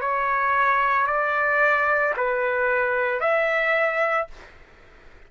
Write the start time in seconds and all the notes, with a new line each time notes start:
0.00 C#5
1.07 D5
2.17 B4
3.20 E5